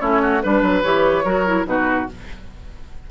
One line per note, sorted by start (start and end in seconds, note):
0.00 0.43 A3
0.00 0.42 C#4
0.00 0.21 E4
0.00 0.41 C#5
0.22 0.42 F#4
0.42 0.62 G3
0.42 0.83 D4
0.42 0.83 B4
0.42 1.24 B4
0.62 0.83 F#3
0.83 1.24 E3
0.83 1.25 G4
0.83 1.65 C#5
1.24 1.66 F#3
1.24 1.46 F#4
1.24 1.66 A#4
1.46 1.65 E4
1.65 2.07 B2
1.65 2.07 D#4
1.65 2.11 F#4
1.65 2.09 B4